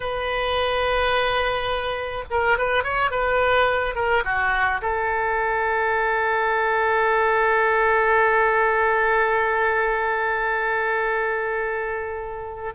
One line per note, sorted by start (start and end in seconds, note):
0.00 2.24 B4
2.30 2.58 A#4
2.58 2.83 B4
2.83 3.10 C#5
3.10 3.95 B4
3.95 4.23 A#4
4.24 4.81 F#4
4.81 12.74 A4